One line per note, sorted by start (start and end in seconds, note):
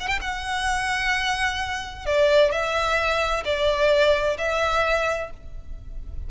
0.00 0.08 F#5
0.08 0.19 G5
0.21 2.06 F#5
2.06 2.51 D5
2.51 3.44 E5
3.45 4.37 D5
4.38 5.30 E5